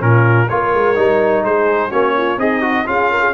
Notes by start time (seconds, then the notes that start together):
0.00 A#2 C#4 F4 A#4
0.49 A#3 F4 A#4 C#5
0.74 G#3
0.96 G3 D#4
1.43 G#3 G#4 C5
1.90 A#3 C#4 F#4 C#5
2.17 F4
2.37 C4 D#4 G#4 D#5
2.62 F#4
2.86 C#4 F4 G#4 F5
3.11 A#4
3.21 G#4